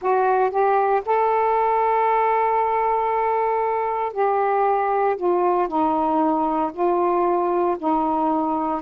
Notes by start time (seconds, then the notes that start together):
0.01 F#4
0.50 G4
1.05 A4
4.12 G4
5.16 F4
5.68 D#4
6.73 F4
7.78 D#4